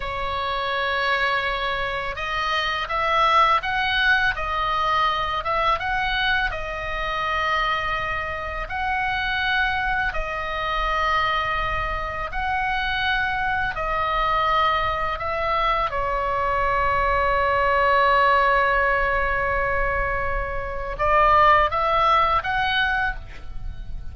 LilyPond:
\new Staff \with { instrumentName = "oboe" } { \time 4/4 \tempo 4 = 83 cis''2. dis''4 | e''4 fis''4 dis''4. e''8 | fis''4 dis''2. | fis''2 dis''2~ |
dis''4 fis''2 dis''4~ | dis''4 e''4 cis''2~ | cis''1~ | cis''4 d''4 e''4 fis''4 | }